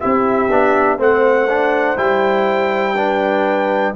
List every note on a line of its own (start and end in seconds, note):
0.00 0.49 C4
0.00 0.49 E4
0.00 0.98 G4
0.00 0.99 E5
0.49 0.98 B3
0.49 0.99 D4
0.98 1.97 A3
0.98 1.48 C4
0.98 2.95 C5
0.98 1.98 F#5
1.49 1.97 D4
1.97 3.94 G3
1.97 2.95 E4
1.97 3.94 G5
2.95 3.95 D4
2.95 3.94 B4